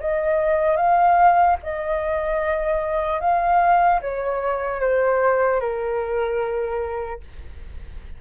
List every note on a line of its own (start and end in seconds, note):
0.00 0.76 D#5
0.76 1.56 F5
1.63 3.20 D#5
3.20 4.00 F5
4.01 4.80 C#5
4.80 5.60 C5
5.60 7.20 A#4